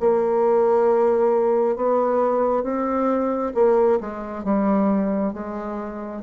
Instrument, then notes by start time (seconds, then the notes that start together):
bassoon
0.00 A#3
1.76 B3
2.63 C4
3.55 A#3
4.00 G#3
4.44 G3
5.33 G#3